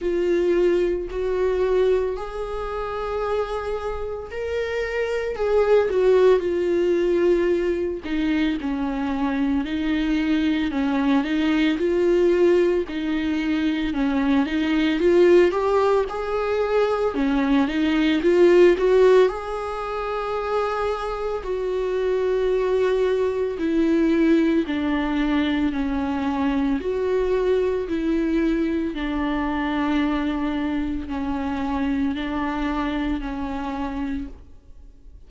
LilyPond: \new Staff \with { instrumentName = "viola" } { \time 4/4 \tempo 4 = 56 f'4 fis'4 gis'2 | ais'4 gis'8 fis'8 f'4. dis'8 | cis'4 dis'4 cis'8 dis'8 f'4 | dis'4 cis'8 dis'8 f'8 g'8 gis'4 |
cis'8 dis'8 f'8 fis'8 gis'2 | fis'2 e'4 d'4 | cis'4 fis'4 e'4 d'4~ | d'4 cis'4 d'4 cis'4 | }